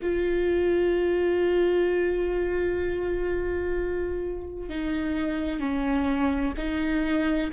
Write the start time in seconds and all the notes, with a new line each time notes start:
0.02 F4
4.69 D#4
5.59 C#4
6.57 D#4